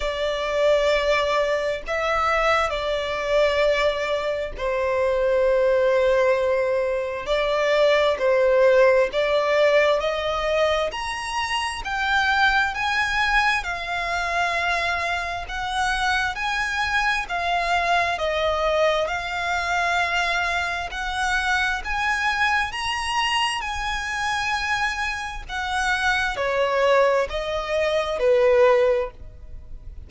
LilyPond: \new Staff \with { instrumentName = "violin" } { \time 4/4 \tempo 4 = 66 d''2 e''4 d''4~ | d''4 c''2. | d''4 c''4 d''4 dis''4 | ais''4 g''4 gis''4 f''4~ |
f''4 fis''4 gis''4 f''4 | dis''4 f''2 fis''4 | gis''4 ais''4 gis''2 | fis''4 cis''4 dis''4 b'4 | }